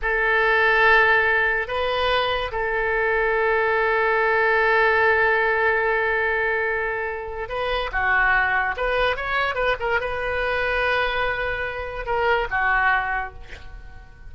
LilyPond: \new Staff \with { instrumentName = "oboe" } { \time 4/4 \tempo 4 = 144 a'1 | b'2 a'2~ | a'1~ | a'1~ |
a'2 b'4 fis'4~ | fis'4 b'4 cis''4 b'8 ais'8 | b'1~ | b'4 ais'4 fis'2 | }